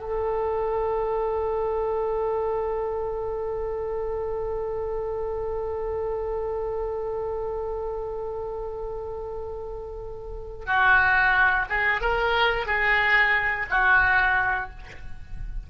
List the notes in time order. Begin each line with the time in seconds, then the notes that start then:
0.00 A4
10.66 F#4
11.69 G#4
12.01 A#4
12.66 G#4
13.71 F#4